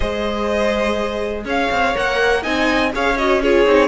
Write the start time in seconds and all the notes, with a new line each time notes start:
0.00 G#3 G#4 C5 D#5
1.44 C#4 C#5 F5
1.71 C4
1.94 A#3 A#4 F#5
2.42 C4 D#4 D#5 G#5
2.92 C#4 G#4 C#5 F5
3.17 F#4 D#5
3.42 F4 G#4 C#5
3.65 C4 D#4